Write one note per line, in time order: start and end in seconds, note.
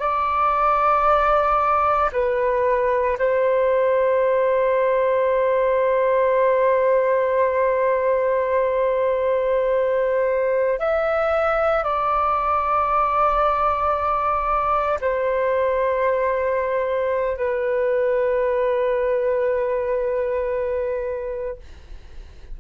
0.00 2.11 D5
2.13 3.18 B4
3.19 10.80 C5
10.80 11.84 E5
11.84 15.00 D5
15.01 17.37 C5
17.37 21.58 B4